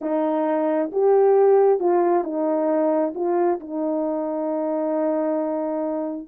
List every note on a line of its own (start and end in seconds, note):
0.01 0.90 D#4
0.92 1.79 G4
1.79 2.23 F4
2.23 3.13 D#4
3.14 3.59 F4
3.59 6.27 D#4